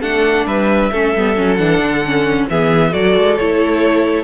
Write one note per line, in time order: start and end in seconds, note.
0.00 0.46 A3
0.00 0.91 D4
0.00 0.45 A4
0.00 0.46 F#5
0.46 0.90 G3
0.46 0.91 B4
0.46 1.56 E5
0.91 1.14 A3
0.91 1.16 C#4
0.91 2.48 A4
1.15 1.37 G3
1.15 1.35 B3
1.35 1.59 F#3
1.35 1.58 C#4
1.56 1.79 E3
1.56 2.03 D4
1.56 2.46 F#5
1.79 2.46 D3
2.05 2.50 C#4
2.50 2.94 E3
2.50 2.92 B3
2.50 2.91 G#4
2.50 2.93 E5
2.91 3.16 F#3
2.91 3.36 F#4
2.91 4.24 A4
2.91 3.36 D5
3.16 3.38 G#3
3.36 4.24 A3
3.36 4.24 E4
3.36 4.24 C#5